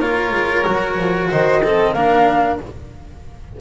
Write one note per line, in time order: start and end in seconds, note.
0.00 0.31 A#3
0.00 0.65 F4
0.00 1.29 A#4
0.00 1.30 C#5
0.31 0.63 G#3
0.65 0.98 F#3
0.65 1.62 F#4
0.98 1.30 F3
1.31 1.94 D#3
1.31 1.63 C5
1.31 1.93 D#5
1.63 1.96 C4
1.63 1.95 A4
1.93 2.59 A#3
1.93 2.61 D4
1.93 2.59 A#4
1.93 2.58 F5